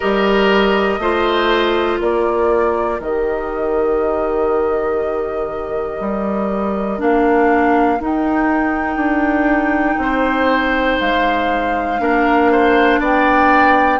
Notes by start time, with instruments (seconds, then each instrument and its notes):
0.00 bassoon G3, clarinet G4, oboe A#4, flute D#5
0.98 bassoon A3, clarinet F4, oboe C5
2.00 bassoon A#3, oboe A#4, flute D5
2.99 bassoon D#3, clarinet G4, flute D#5
6.00 bassoon G3
6.98 bassoon A#3, clarinet D4, flute F5
8.00 bassoon D#4, clarinet D#4, flute G5
8.96 bassoon D4
9.97 bassoon C4, oboe C5
11.00 bassoon G#3, flute F5
11.99 bassoon A#3, clarinet D4, oboe A#4
12.51 oboe C5
12.99 bassoon B3, oboe D5, flute G5